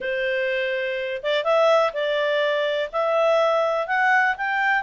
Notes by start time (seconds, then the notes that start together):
0.00 C5
1.23 D5
1.44 E5
1.93 D5
2.92 E5
3.87 F#5
4.37 G5